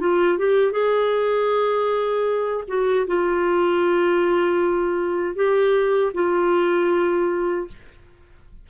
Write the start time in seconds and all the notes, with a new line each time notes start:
0.00 F4
0.38 G4
0.72 G#4
2.68 F#4
3.07 F4
5.36 G4
6.14 F4